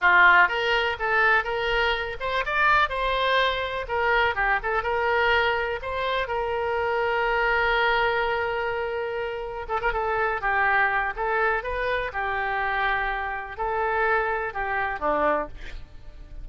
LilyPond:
\new Staff \with { instrumentName = "oboe" } { \time 4/4 \tempo 4 = 124 f'4 ais'4 a'4 ais'4~ | ais'8 c''8 d''4 c''2 | ais'4 g'8 a'8 ais'2 | c''4 ais'2.~ |
ais'1 | a'16 ais'16 a'4 g'4. a'4 | b'4 g'2. | a'2 g'4 d'4 | }